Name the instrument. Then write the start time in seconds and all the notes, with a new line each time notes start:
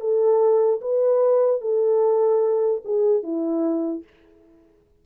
horn
0.00 A4
0.81 B4
1.61 A4
2.84 G#4
3.23 E4